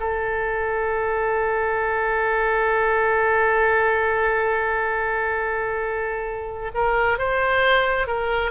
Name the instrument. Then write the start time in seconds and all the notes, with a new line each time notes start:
oboe
0.00 A4
6.74 A#4
7.18 C5
8.07 A#4